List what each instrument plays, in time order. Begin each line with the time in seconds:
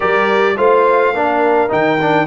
0.00 tuba G3, trombone G4, horn A#4, trumpet D5
0.57 tuba A3, trombone F4, horn C5, trumpet F5
1.14 tuba A#3, trombone D4, horn A#4
1.69 tuba D#3, trombone D#4, trumpet G5
2.01 trombone D4